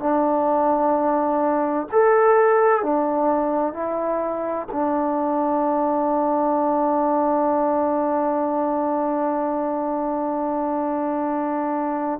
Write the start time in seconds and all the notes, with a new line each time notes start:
0.00 D4
1.92 A4
2.83 D4
3.74 E4
4.73 D4